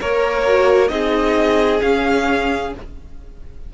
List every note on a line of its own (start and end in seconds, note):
0.00 0.90 A#3
0.00 0.91 A#4
0.00 0.46 A#4
0.00 0.88 C#5
0.46 0.89 F#4
0.88 1.81 C4
0.88 1.79 D#4
0.88 2.74 G#4
0.88 1.79 D#5
1.79 2.70 C#4
1.79 2.74 C#4
1.79 2.73 F5